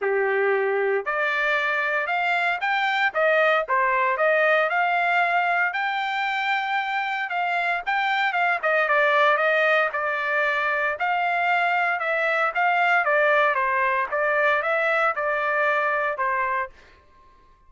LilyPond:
\new Staff \with { instrumentName = "trumpet" } { \time 4/4 \tempo 4 = 115 g'2 d''2 | f''4 g''4 dis''4 c''4 | dis''4 f''2 g''4~ | g''2 f''4 g''4 |
f''8 dis''8 d''4 dis''4 d''4~ | d''4 f''2 e''4 | f''4 d''4 c''4 d''4 | e''4 d''2 c''4 | }